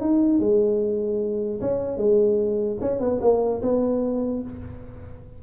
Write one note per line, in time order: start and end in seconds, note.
0.00 0.40 D#4
0.40 1.60 G#3
1.61 1.97 C#4
1.97 2.77 G#3
2.81 3.00 C#4
3.00 3.20 B3
3.21 3.61 A#3
3.62 4.42 B3